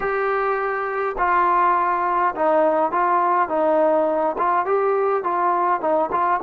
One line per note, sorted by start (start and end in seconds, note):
0.00 1.15 G4
1.18 2.34 F4
2.35 2.91 D#4
2.91 3.48 F4
3.48 4.36 D#4
4.37 4.65 F4
4.65 5.23 G4
5.23 5.81 F4
5.81 6.10 D#4
6.11 6.40 F4